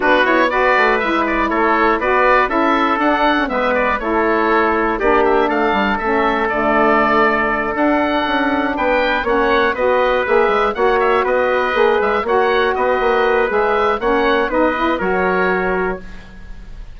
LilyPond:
<<
  \new Staff \with { instrumentName = "oboe" } { \time 4/4 \tempo 4 = 120 b'8 cis''8 d''4 e''8 d''8 cis''4 | d''4 e''4 fis''4 e''8 d''8 | cis''2 d''8 e''8 f''4 | e''4 d''2~ d''8 fis''8~ |
fis''4. g''4 fis''4 dis''8~ | dis''8 e''4 fis''8 e''8 dis''4. | e''8 fis''4 dis''4. e''4 | fis''4 dis''4 cis''2 | }
  \new Staff \with { instrumentName = "trumpet" } { \time 4/4 fis'4 b'2 a'4 | b'4 a'2 b'4 | a'2 g'4 a'4~ | a'1~ |
a'4. b'4 cis''4 b'8~ | b'4. cis''4 b'4.~ | b'8 cis''4 b'2~ b'8 | cis''4 b'4 ais'2 | }
  \new Staff \with { instrumentName = "saxophone" } { \time 4/4 d'8 e'8 fis'4 e'2 | fis'4 e'4 d'8. cis'16 b4 | e'2 d'2 | cis'4 a2~ a8 d'8~ |
d'2~ d'8 cis'4 fis'8~ | fis'8 gis'4 fis'2 gis'8~ | gis'8 fis'2~ fis'8 gis'4 | cis'4 dis'8 e'8 fis'2 | }
  \new Staff \with { instrumentName = "bassoon" } { \time 4/4 b4. a8 gis4 a4 | b4 cis'4 d'4 gis4 | a2 ais4 a8 g8 | a4 d2~ d8 d'8~ |
d'8 cis'4 b4 ais4 b8~ | b8 ais8 gis8 ais4 b4 ais8 | gis8 ais4 b8 ais4 gis4 | ais4 b4 fis2 | }
>>